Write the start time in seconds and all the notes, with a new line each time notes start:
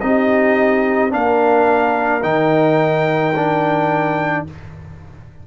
0.00 C4 D#4 G4 D#5
1.09 A#3 D4 A#4 F5
2.22 D#3 D#4 G5
3.35 D4